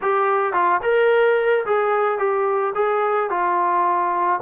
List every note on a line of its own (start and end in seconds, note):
0.02 0.53 G4
0.53 0.80 F4
0.82 1.65 A#4
1.65 2.18 G#4
2.18 2.73 G4
2.74 3.30 G#4
3.30 4.40 F4